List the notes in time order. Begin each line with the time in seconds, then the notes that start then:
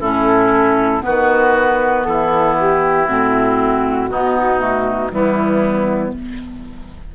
0.00 A2 C#4 E4 A4
1.00 D#3 B3 F#4 B4
2.04 E3 E4 A4
2.60 G4
3.06 A2 C4 F#4
4.08 B2 B3 D#4
4.59 A3
5.11 E3 G3 B3 E4